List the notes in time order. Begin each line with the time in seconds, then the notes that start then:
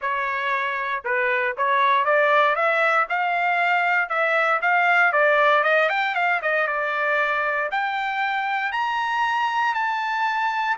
0.01 C#5
1.04 B4
1.57 C#5
2.04 D5
2.55 E5
3.09 F5
4.09 E5
4.61 F5
5.12 D5
5.63 D#5
5.89 G5
6.14 F5
6.42 D#5
6.67 D5
7.71 G5
8.72 A#5
9.74 A5